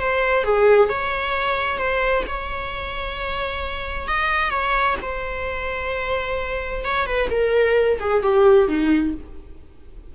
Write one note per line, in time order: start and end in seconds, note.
0.00 0.44 C5
0.44 0.89 G#4
0.89 1.78 C#5
1.78 2.24 C5
2.27 4.08 C#5
4.08 4.50 D#5
4.50 4.96 C#5
5.02 6.85 C5
6.85 7.06 C#5
7.06 7.29 B4
7.30 7.99 A#4
8.00 8.23 G#4
8.23 8.68 G4
8.68 9.14 D#4